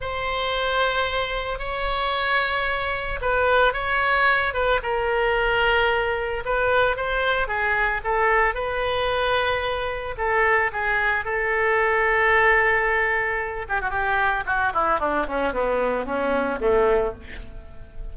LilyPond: \new Staff \with { instrumentName = "oboe" } { \time 4/4 \tempo 4 = 112 c''2. cis''4~ | cis''2 b'4 cis''4~ | cis''8 b'8 ais'2. | b'4 c''4 gis'4 a'4 |
b'2. a'4 | gis'4 a'2.~ | a'4. g'16 fis'16 g'4 fis'8 e'8 | d'8 cis'8 b4 cis'4 a4 | }